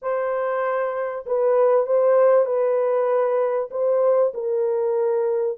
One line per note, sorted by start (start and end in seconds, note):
0.02 1.25 C5
1.26 1.86 B4
1.86 2.45 C5
2.45 3.69 B4
3.70 4.32 C5
4.34 5.58 A#4